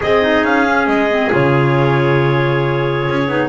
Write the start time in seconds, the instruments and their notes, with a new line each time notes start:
0.00 double bass C4, trumpet G#4, clarinet G#4 D#5
0.22 clarinet D#4
0.43 double bass C#4, clarinet F5
0.65 clarinet C#4
0.87 double bass G#3, clarinet D#5
1.10 clarinet C4
1.30 double bass C#3, clarinet F4 C#5
3.08 double bass C#4
3.27 double bass B3, clarinet D#4